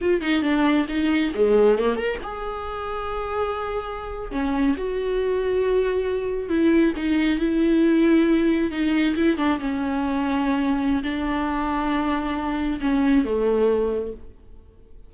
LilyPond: \new Staff \with { instrumentName = "viola" } { \time 4/4 \tempo 4 = 136 f'8 dis'8 d'4 dis'4 gis4 | ais8 ais'8 gis'2.~ | gis'4.~ gis'16 cis'4 fis'4~ fis'16~ | fis'2~ fis'8. e'4 dis'16~ |
dis'8. e'2. dis'16~ | dis'8. e'8 d'8 cis'2~ cis'16~ | cis'4 d'2.~ | d'4 cis'4 a2 | }